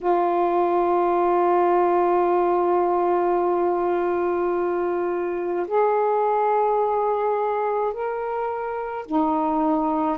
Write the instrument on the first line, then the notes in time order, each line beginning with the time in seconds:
saxophone
0.01 F4
5.67 G#4
7.93 A#4
9.06 D#4